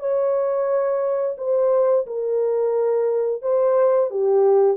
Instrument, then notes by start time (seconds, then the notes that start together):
horn
0.00 C#5
1.38 C5
2.07 A#4
3.42 C5
4.11 G4